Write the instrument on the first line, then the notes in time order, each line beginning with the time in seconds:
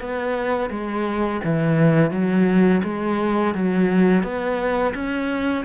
cello
0.00 B3
0.70 G#3
1.44 E3
2.11 F#3
2.84 G#3
3.54 F#3
4.23 B3
4.94 C#4